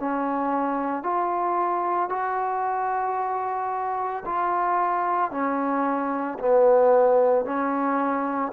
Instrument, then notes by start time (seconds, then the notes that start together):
trombone
0.00 C#4
1.03 F4
2.09 F#4
4.25 F4
5.31 C#4
6.39 B3
7.45 C#4